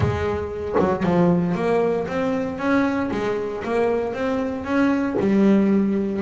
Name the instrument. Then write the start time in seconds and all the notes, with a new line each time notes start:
double bass
0.00 G#3
0.79 F#3
1.03 F3
1.54 A#3
2.07 C4
2.58 C#4
3.11 G#3
3.64 A#3
4.13 C4
4.64 C#4
5.19 G3